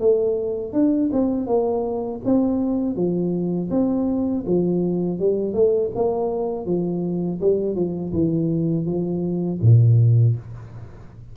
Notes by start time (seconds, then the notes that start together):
0.00 A3
0.73 D4
1.12 C4
1.47 A#3
2.25 C4
2.96 F3
3.70 C4
4.47 F3
5.20 G3
5.54 A3
5.95 A#3
6.66 F3
7.41 G3
7.75 F3
8.13 E3
8.86 F3
9.62 A#2